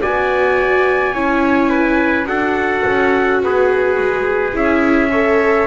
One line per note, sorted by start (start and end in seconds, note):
0.00 1.14 B3
0.00 1.13 F#4
0.00 1.14 D5
0.00 2.27 G#5
1.14 2.26 C#4
1.14 2.25 E4
1.14 1.69 C#5
1.69 2.26 B4
2.25 2.83 D4
2.25 4.52 F#4
2.25 3.42 A4
2.25 3.40 F#5
2.86 3.43 C#4
3.43 3.98 B3
3.43 5.10 G#4
3.43 4.56 B4
3.98 4.53 G#3
4.53 5.67 C#4
4.53 5.10 E4
4.53 5.67 E5
5.10 5.67 A4
5.10 5.67 C#5